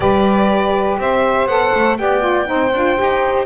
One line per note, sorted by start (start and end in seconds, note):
0.00 0.96 G3
0.00 1.48 G4
0.00 0.99 B4
0.00 0.98 D5
0.97 1.45 C4
0.97 1.99 C5
0.97 1.47 E5
1.45 1.70 B3
1.45 1.97 A4
1.45 1.97 F#5
1.74 1.99 A3
1.97 2.49 B3
1.97 2.20 G4
1.97 2.48 D5
1.97 3.46 G5
2.20 2.44 F4
2.45 2.73 C4
2.45 2.70 D#4
2.45 3.46 C5
2.73 2.98 D4
2.73 2.96 F4
2.96 3.46 D#4
2.96 3.46 G4